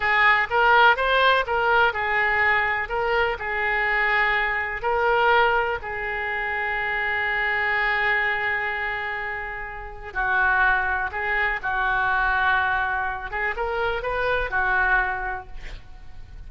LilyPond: \new Staff \with { instrumentName = "oboe" } { \time 4/4 \tempo 4 = 124 gis'4 ais'4 c''4 ais'4 | gis'2 ais'4 gis'4~ | gis'2 ais'2 | gis'1~ |
gis'1~ | gis'4 fis'2 gis'4 | fis'2.~ fis'8 gis'8 | ais'4 b'4 fis'2 | }